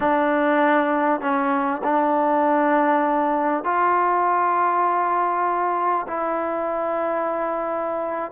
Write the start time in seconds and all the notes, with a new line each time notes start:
0.00 D4
1.21 C#4
1.83 D4
3.64 F4
6.07 E4